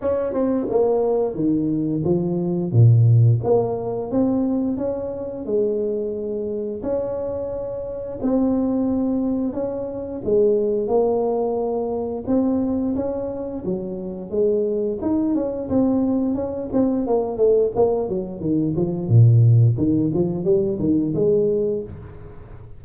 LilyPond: \new Staff \with { instrumentName = "tuba" } { \time 4/4 \tempo 4 = 88 cis'8 c'8 ais4 dis4 f4 | ais,4 ais4 c'4 cis'4 | gis2 cis'2 | c'2 cis'4 gis4 |
ais2 c'4 cis'4 | fis4 gis4 dis'8 cis'8 c'4 | cis'8 c'8 ais8 a8 ais8 fis8 dis8 f8 | ais,4 dis8 f8 g8 dis8 gis4 | }